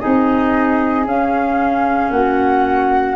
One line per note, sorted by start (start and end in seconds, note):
0.00 1.06 C4
0.00 1.05 D#4
0.00 2.12 G#4
0.00 1.06 D#5
1.06 2.11 C#4
1.06 3.16 C#4
1.06 2.12 F5
2.11 3.16 A#3
2.11 3.16 F#4
2.11 3.16 F#5